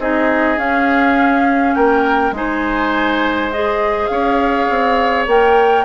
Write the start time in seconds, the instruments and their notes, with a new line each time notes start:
0.00 bassoon C4, clarinet D#4, oboe G#4, flute D#5
0.57 clarinet C#4, bassoon C#4, flute F5
1.75 bassoon A#3, oboe A#4, flute G5
2.32 bassoon G#3, clarinet D#4, oboe C5, flute G#5
3.52 clarinet G#4, flute D#5
4.07 bassoon C#4, oboe C#5, flute F5
4.70 bassoon C4
5.28 bassoon A#3, clarinet A#4, flute G5